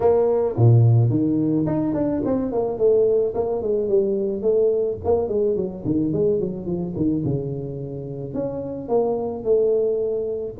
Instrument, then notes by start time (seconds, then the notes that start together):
tuba
0.00 A#3
0.56 A#2
1.10 D#3
1.66 D#4
1.94 D4
2.25 C4
2.52 A#3
2.78 A3
3.34 A#3
3.61 G#3
3.88 G3
4.42 A3
5.04 A#3
5.28 G#3
5.56 F#3
5.85 D#3
6.12 G#3
6.40 F#3
6.65 F3
6.96 D#3
7.24 C#3
8.34 C#4
8.88 A#3
9.43 A3